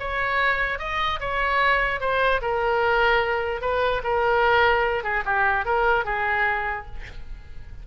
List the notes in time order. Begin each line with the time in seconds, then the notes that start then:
0.00 C#5
0.79 D#5
1.21 C#5
2.01 C5
2.42 A#4
3.62 B4
4.04 A#4
5.04 G#4
5.25 G4
5.66 A#4
6.05 G#4